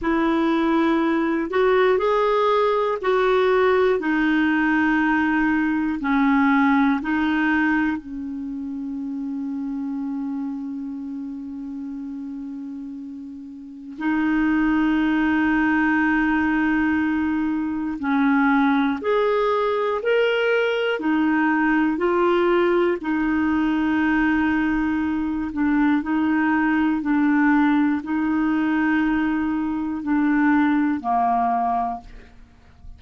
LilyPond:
\new Staff \with { instrumentName = "clarinet" } { \time 4/4 \tempo 4 = 60 e'4. fis'8 gis'4 fis'4 | dis'2 cis'4 dis'4 | cis'1~ | cis'2 dis'2~ |
dis'2 cis'4 gis'4 | ais'4 dis'4 f'4 dis'4~ | dis'4. d'8 dis'4 d'4 | dis'2 d'4 ais4 | }